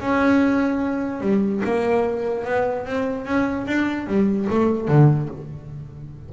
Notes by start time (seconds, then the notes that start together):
0.00 C#4
1.21 G3
1.64 A#3
2.45 B3
2.86 C4
3.25 C#4
3.67 D4
4.07 G3
4.50 A3
4.88 D3